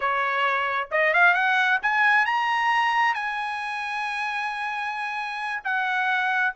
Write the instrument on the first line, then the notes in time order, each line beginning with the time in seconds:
trumpet
0.00 C#5
0.91 D#5
1.13 F5
1.34 F#5
1.82 G#5
2.25 A#5
3.14 G#5
5.63 F#5